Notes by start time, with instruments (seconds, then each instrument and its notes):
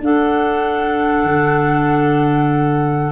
0.00 tuba D4, clarinet D4 A4, flute F#5
1.23 tuba D3